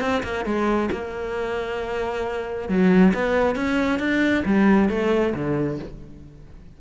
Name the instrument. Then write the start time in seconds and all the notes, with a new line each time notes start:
cello
0.00 C4
0.23 A#3
0.45 G#3
0.92 A#3
2.68 F#3
3.14 B3
3.55 C#4
3.99 D4
4.45 G3
4.89 A3
5.34 D3